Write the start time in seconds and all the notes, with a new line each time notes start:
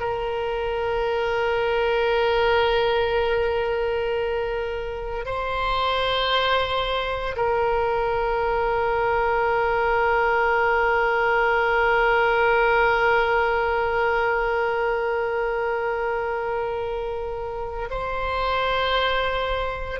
0.00 A#4
5.25 C5
7.36 A#4
17.90 C5